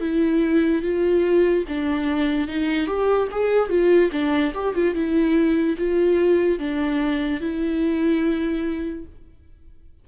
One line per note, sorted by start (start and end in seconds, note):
0.00 0.82 E4
0.82 1.64 F4
1.68 2.48 D4
2.48 2.87 D#4
2.87 3.28 G4
3.31 3.69 G#4
3.69 4.10 F4
4.11 4.52 D4
4.54 4.74 G4
4.74 4.94 F4
4.94 5.76 E4
5.78 6.59 F4
6.59 7.40 D4
7.40 9.04 E4